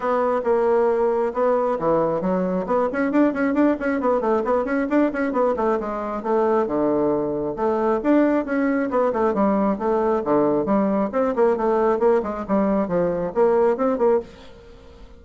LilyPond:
\new Staff \with { instrumentName = "bassoon" } { \time 4/4 \tempo 4 = 135 b4 ais2 b4 | e4 fis4 b8 cis'8 d'8 cis'8 | d'8 cis'8 b8 a8 b8 cis'8 d'8 cis'8 | b8 a8 gis4 a4 d4~ |
d4 a4 d'4 cis'4 | b8 a8 g4 a4 d4 | g4 c'8 ais8 a4 ais8 gis8 | g4 f4 ais4 c'8 ais8 | }